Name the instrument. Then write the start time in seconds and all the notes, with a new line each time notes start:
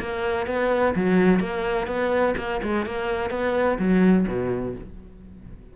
cello
0.00 A#3
0.47 B3
0.96 F#3
1.40 A#3
1.87 B3
2.37 A#3
2.63 G#3
2.86 A#3
3.31 B3
3.79 F#3
4.27 B2